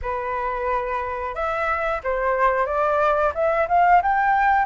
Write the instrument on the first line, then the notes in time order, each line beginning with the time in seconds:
flute
0.02 B4
1.34 E5
2.03 C5
2.66 D5
3.34 E5
3.68 F5
4.02 G5